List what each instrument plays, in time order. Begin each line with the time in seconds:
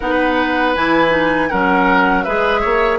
0.00 bassoon B3, clarinet D#4, oboe B4, flute F#5
0.75 bassoon E3, clarinet E4, flute G#5
1.10 clarinet D#4
1.49 bassoon F#3, clarinet C#4, oboe A#4, flute F#5
2.23 bassoon G#3, clarinet G#4, oboe B4, flute E5
2.60 bassoon A#3, oboe C#5